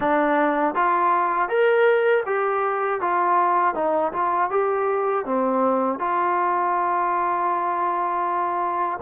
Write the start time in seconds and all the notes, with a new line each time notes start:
0.00 D4
0.74 F4
1.48 A#4
2.25 G4
3.00 F4
3.74 D#4
4.12 F4
4.50 G4
5.25 C4
5.99 F4